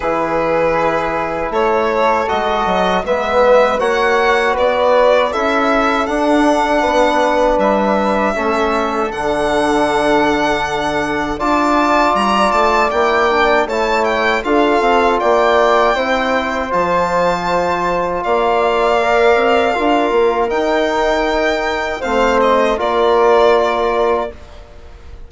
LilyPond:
<<
  \new Staff \with { instrumentName = "violin" } { \time 4/4 \tempo 4 = 79 b'2 cis''4 dis''4 | e''4 fis''4 d''4 e''4 | fis''2 e''2 | fis''2. a''4 |
ais''8 a''8 g''4 a''8 g''8 f''4 | g''2 a''2 | f''2. g''4~ | g''4 f''8 dis''8 d''2 | }
  \new Staff \with { instrumentName = "flute" } { \time 4/4 gis'2 a'2 | b'4 cis''4 b'4 a'4~ | a'4 b'2 a'4~ | a'2. d''4~ |
d''2 cis''4 a'4 | d''4 c''2. | d''2 ais'2~ | ais'4 c''4 ais'2 | }
  \new Staff \with { instrumentName = "trombone" } { \time 4/4 e'2. fis'4 | b4 fis'2 e'4 | d'2. cis'4 | d'2. f'4~ |
f'4 e'8 d'8 e'4 f'4~ | f'4 e'4 f'2~ | f'4 ais'4 f'4 dis'4~ | dis'4 c'4 f'2 | }
  \new Staff \with { instrumentName = "bassoon" } { \time 4/4 e2 a4 gis8 fis8 | gis4 ais4 b4 cis'4 | d'4 b4 g4 a4 | d2. d'4 |
g8 a8 ais4 a4 d'8 c'8 | ais4 c'4 f2 | ais4. c'8 d'8 ais8 dis'4~ | dis'4 a4 ais2 | }
>>